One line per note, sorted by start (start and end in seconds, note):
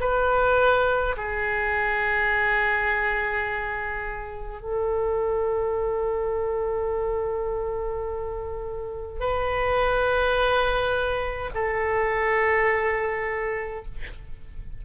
0.00 1.15 B4
1.16 4.62 G#4
4.62 9.20 A4
9.20 11.51 B4
11.54 13.85 A4